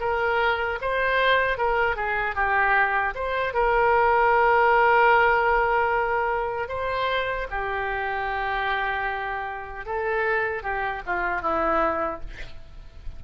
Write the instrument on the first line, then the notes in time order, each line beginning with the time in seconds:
oboe
0.00 A#4
0.81 C5
1.58 A#4
1.96 G#4
2.35 G4
3.15 C5
3.54 A#4
6.69 C5
7.51 G4
9.86 A4
10.63 G4
11.06 F4
11.42 E4